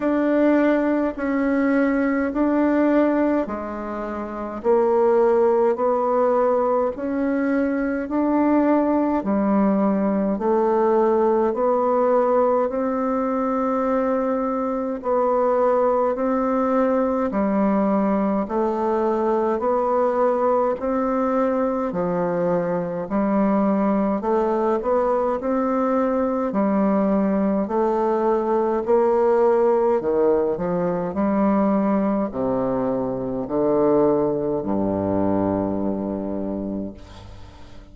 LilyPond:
\new Staff \with { instrumentName = "bassoon" } { \time 4/4 \tempo 4 = 52 d'4 cis'4 d'4 gis4 | ais4 b4 cis'4 d'4 | g4 a4 b4 c'4~ | c'4 b4 c'4 g4 |
a4 b4 c'4 f4 | g4 a8 b8 c'4 g4 | a4 ais4 dis8 f8 g4 | c4 d4 g,2 | }